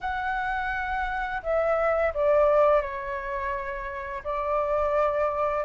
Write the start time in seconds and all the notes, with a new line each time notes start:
0.00 F#5
1.42 E5
2.14 D5
2.81 C#5
4.24 D5